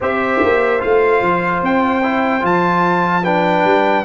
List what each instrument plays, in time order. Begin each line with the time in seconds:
0.01 tuba C4, trombone G4, horn C5, trumpet E5
0.42 tuba A#3
0.79 tuba A3, trombone F4, trumpet F5
1.21 tuba F3
1.62 tuba C4, trumpet G5
2.02 trombone E4
2.41 tuba F3, trombone F4, trumpet A5
3.23 trombone D4, horn B4, trumpet G5
3.64 tuba G3